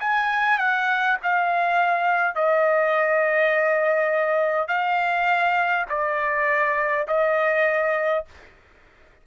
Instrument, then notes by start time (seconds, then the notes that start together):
trumpet
0.00 G#5
0.58 F#5
1.22 F5
2.35 D#5
4.68 F5
5.89 D5
7.07 D#5